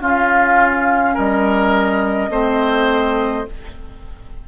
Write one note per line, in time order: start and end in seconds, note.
0.00 2.31 C#4
0.00 1.16 C#4
0.00 1.14 F4
0.00 1.18 F5
1.14 2.30 G3
1.14 2.30 A#4
1.14 3.48 D#5
2.30 3.45 A3
2.30 3.46 C4
2.30 3.47 C5